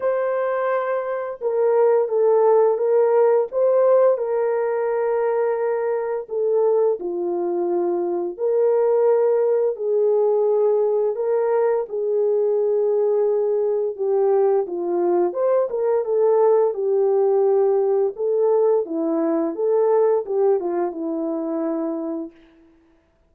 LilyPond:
\new Staff \with { instrumentName = "horn" } { \time 4/4 \tempo 4 = 86 c''2 ais'4 a'4 | ais'4 c''4 ais'2~ | ais'4 a'4 f'2 | ais'2 gis'2 |
ais'4 gis'2. | g'4 f'4 c''8 ais'8 a'4 | g'2 a'4 e'4 | a'4 g'8 f'8 e'2 | }